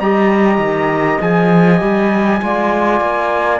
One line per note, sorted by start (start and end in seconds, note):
0.00 0.58 G3
0.00 1.21 G4
0.00 2.42 D#5
0.00 1.20 A#5
0.58 1.18 D#3
1.21 1.81 F3
1.21 1.80 G#4
1.21 3.60 G#5
1.80 2.41 G3
1.80 2.40 G4
2.40 3.01 G#3
2.40 3.60 F4
2.40 3.60 D5
3.01 3.60 A#3